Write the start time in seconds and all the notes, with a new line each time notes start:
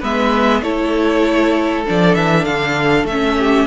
0.00 G#3 B3 B4 E5
0.62 A3 E4 A4 C#5
1.86 F3 D4 D5
2.15 E3 E5
2.45 D3 F5
3.04 A3 E5
3.11 C#4
3.37 G4